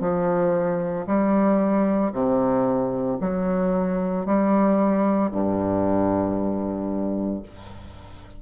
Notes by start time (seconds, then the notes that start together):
0.00 F3
1.07 G3
2.12 C3
3.21 F#3
4.26 G3
5.32 G2